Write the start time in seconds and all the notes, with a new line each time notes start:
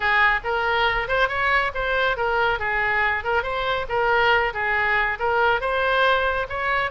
0.00 G#4
0.44 A#4
1.08 C5
1.28 C#5
1.74 C5
2.17 A#4
2.59 G#4
3.24 A#4
3.43 C5
3.88 A#4
4.53 G#4
5.19 A#4
5.60 C5
6.49 C#5